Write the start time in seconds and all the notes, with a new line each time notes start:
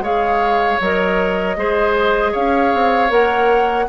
0.00 G#3 G#4 C#5 F5
0.81 F#3 A#4 D#5
1.57 G#3 G#4 C5
2.32 C#4 C#5 F5
2.74 C4
3.09 A#3 A#4 F#5